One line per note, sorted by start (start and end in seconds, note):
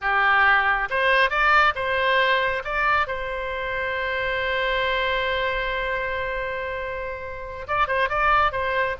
0.01 0.88 G4
0.90 1.29 C5
1.29 1.73 D5
1.75 2.63 C5
2.64 3.07 D5
3.07 7.67 C5
7.67 7.87 D5
7.87 8.09 C5
8.09 8.52 D5
8.52 8.96 C5